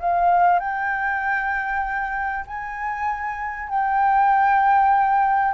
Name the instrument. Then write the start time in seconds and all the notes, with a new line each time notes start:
flute
0.00 F5
0.59 G5
2.47 G#5
3.69 G5